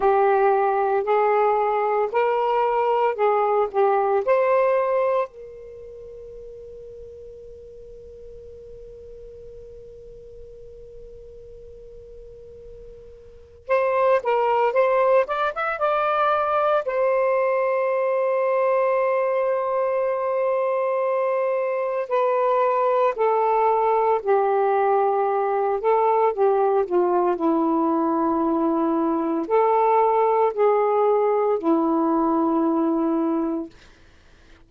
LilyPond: \new Staff \with { instrumentName = "saxophone" } { \time 4/4 \tempo 4 = 57 g'4 gis'4 ais'4 gis'8 g'8 | c''4 ais'2.~ | ais'1~ | ais'4 c''8 ais'8 c''8 d''16 e''16 d''4 |
c''1~ | c''4 b'4 a'4 g'4~ | g'8 a'8 g'8 f'8 e'2 | a'4 gis'4 e'2 | }